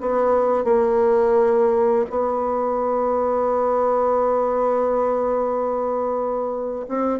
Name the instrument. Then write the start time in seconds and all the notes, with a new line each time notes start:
bassoon
0.00 B3
0.64 A#3
2.10 B3
6.88 C4